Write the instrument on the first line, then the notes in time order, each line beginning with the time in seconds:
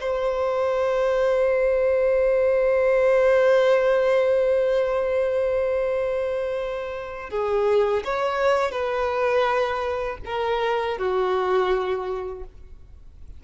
violin
0.00 C5
7.30 G#4
8.04 C#5
8.71 B4
10.25 A#4
10.98 F#4